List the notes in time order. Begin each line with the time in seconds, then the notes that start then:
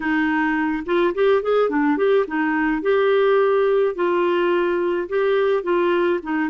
0.00 D#4
0.85 F4
1.14 G4
1.42 G#4
1.69 D4
1.97 G4
2.27 D#4
2.82 G4
3.95 F4
5.08 G4
5.63 F4
6.22 D#4